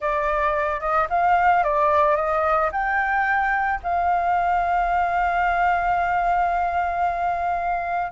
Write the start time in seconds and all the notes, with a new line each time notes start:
0.00 D5
0.80 D#5
1.09 F5
1.63 D5
2.16 D#5
2.71 G5
3.83 F5